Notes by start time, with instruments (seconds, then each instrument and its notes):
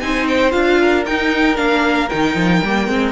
0.00 cello C4, viola D#4, violin C5 G#5
0.27 violin G5
0.50 cello D4, viola F4, violin F5
0.80 violin A#4
1.05 viola D#4, cello D#4, violin G5
1.55 cello A#3, viola D4, violin F5
2.09 cello D#3, viola D#4, violin G5
2.35 cello F3
2.62 cello G3, viola A#3
2.87 cello G#3, viola C4